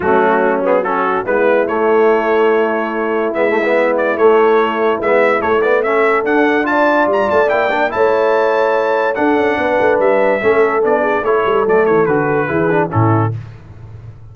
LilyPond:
<<
  \new Staff \with { instrumentName = "trumpet" } { \time 4/4 \tempo 4 = 144 fis'4. gis'8 a'4 b'4 | cis''1 | e''4. d''8 cis''2 | e''4 cis''8 d''8 e''4 fis''4 |
a''4 ais''8 a''8 g''4 a''4~ | a''2 fis''2 | e''2 d''4 cis''4 | d''8 cis''8 b'2 a'4 | }
  \new Staff \with { instrumentName = "horn" } { \time 4/4 cis'2 fis'4 e'4~ | e'1~ | e'1~ | e'2 a'2 |
d''2. cis''4~ | cis''2 a'4 b'4~ | b'4 a'4. gis'8 a'4~ | a'2 gis'4 e'4 | }
  \new Staff \with { instrumentName = "trombone" } { \time 4/4 a4. b8 cis'4 b4 | a1 | b8 a16 b4~ b16 a2 | b4 a8 b8 cis'4 d'4 |
f'2 e'8 d'8 e'4~ | e'2 d'2~ | d'4 cis'4 d'4 e'4 | a4 fis'4 e'8 d'8 cis'4 | }
  \new Staff \with { instrumentName = "tuba" } { \time 4/4 fis2. gis4 | a1 | gis2 a2 | gis4 a2 d'4~ |
d'4 g8 a8 ais4 a4~ | a2 d'8 cis'8 b8 a8 | g4 a4 b4 a8 g8 | fis8 e8 d4 e4 a,4 | }
>>